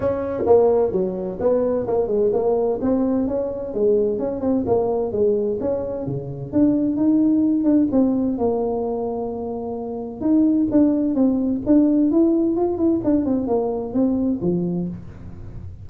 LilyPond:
\new Staff \with { instrumentName = "tuba" } { \time 4/4 \tempo 4 = 129 cis'4 ais4 fis4 b4 | ais8 gis8 ais4 c'4 cis'4 | gis4 cis'8 c'8 ais4 gis4 | cis'4 cis4 d'4 dis'4~ |
dis'8 d'8 c'4 ais2~ | ais2 dis'4 d'4 | c'4 d'4 e'4 f'8 e'8 | d'8 c'8 ais4 c'4 f4 | }